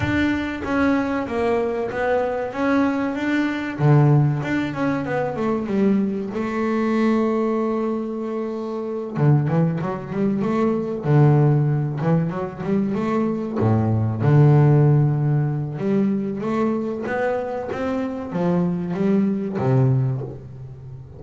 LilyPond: \new Staff \with { instrumentName = "double bass" } { \time 4/4 \tempo 4 = 95 d'4 cis'4 ais4 b4 | cis'4 d'4 d4 d'8 cis'8 | b8 a8 g4 a2~ | a2~ a8 d8 e8 fis8 |
g8 a4 d4. e8 fis8 | g8 a4 a,4 d4.~ | d4 g4 a4 b4 | c'4 f4 g4 c4 | }